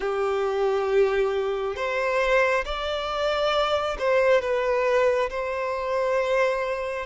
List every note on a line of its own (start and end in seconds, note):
0.00 1.76 G4
1.76 2.64 C5
2.64 3.97 D5
3.99 4.41 C5
4.41 5.29 B4
5.29 7.05 C5